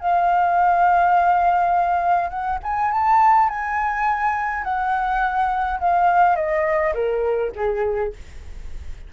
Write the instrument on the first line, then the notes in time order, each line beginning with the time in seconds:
flute
0.00 F5
2.30 F#5
2.63 G#5
2.91 A5
3.49 G#5
4.64 F#5
5.80 F5
6.36 D#5
6.94 A#4
7.55 G#4